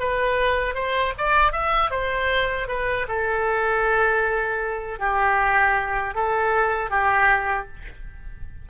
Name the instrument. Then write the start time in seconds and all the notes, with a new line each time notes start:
oboe
0.00 B4
0.75 C5
1.18 D5
1.52 E5
1.91 C5
2.68 B4
3.08 A4
4.99 G4
6.15 A4
6.91 G4